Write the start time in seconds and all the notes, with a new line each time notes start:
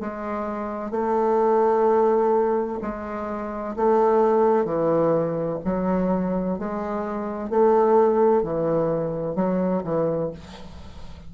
0.00 G#3
0.91 A3
2.82 G#3
3.76 A3
4.65 E3
5.65 F#3
6.59 G#3
7.50 A3
8.43 E3
9.35 F#3
9.84 E3